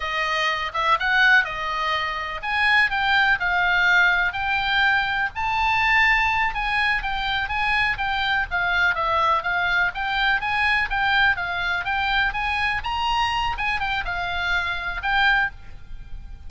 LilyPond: \new Staff \with { instrumentName = "oboe" } { \time 4/4 \tempo 4 = 124 dis''4. e''8 fis''4 dis''4~ | dis''4 gis''4 g''4 f''4~ | f''4 g''2 a''4~ | a''4. gis''4 g''4 gis''8~ |
gis''8 g''4 f''4 e''4 f''8~ | f''8 g''4 gis''4 g''4 f''8~ | f''8 g''4 gis''4 ais''4. | gis''8 g''8 f''2 g''4 | }